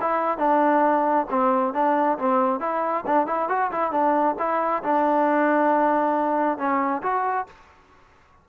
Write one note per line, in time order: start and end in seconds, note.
0.00 0.38 E4
0.38 1.26 D4
1.30 1.73 C4
1.73 2.18 D4
2.18 2.60 C4
2.60 3.04 E4
3.06 3.26 D4
3.26 3.48 E4
3.48 3.70 F#4
3.71 3.91 E4
3.91 4.35 D4
4.38 4.82 E4
4.83 6.58 D4
6.58 7.02 C#4
7.02 7.46 F#4